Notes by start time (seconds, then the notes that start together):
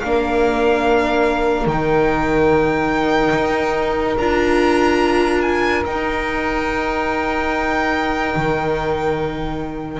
0.00 A#3 D4 A#4 F5
1.66 D#3 D#4 G5
3.35 D#4
4.18 D4 F4 A#5
5.42 G#5
5.85 D#4 G5
8.36 D#3